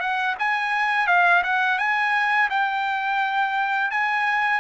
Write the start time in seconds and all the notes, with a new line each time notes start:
0.00 F#5
0.39 G#5
1.07 F5
1.43 F#5
1.78 G#5
2.50 G5
3.90 G#5